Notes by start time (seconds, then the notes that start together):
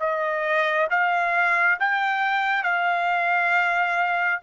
0.00 D#5
0.91 F5
1.80 G5
2.64 F5